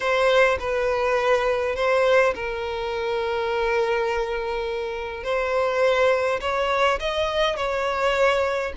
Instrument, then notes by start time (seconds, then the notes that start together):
violin
0.00 C5
0.59 B4
1.75 C5
2.34 A#4
5.23 C5
6.41 C#5
6.99 D#5
7.56 C#5